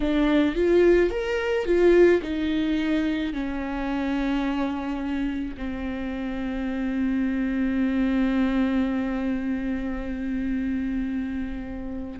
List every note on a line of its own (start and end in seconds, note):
0.00 0.55 D4
0.55 1.10 F4
1.10 1.65 A#4
1.65 2.21 F4
2.21 3.33 D#4
3.33 5.55 C#4
5.57 12.19 C4